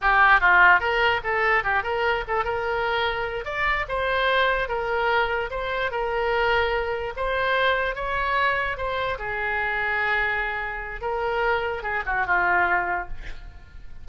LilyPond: \new Staff \with { instrumentName = "oboe" } { \time 4/4 \tempo 4 = 147 g'4 f'4 ais'4 a'4 | g'8 ais'4 a'8 ais'2~ | ais'8 d''4 c''2 ais'8~ | ais'4. c''4 ais'4.~ |
ais'4. c''2 cis''8~ | cis''4. c''4 gis'4.~ | gis'2. ais'4~ | ais'4 gis'8 fis'8 f'2 | }